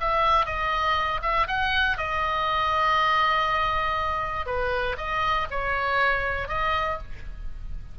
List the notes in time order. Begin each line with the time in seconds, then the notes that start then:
0.00 E5
0.45 D#5
1.22 E5
1.47 F#5
1.97 D#5
4.46 B4
4.97 D#5
5.50 C#5
6.48 D#5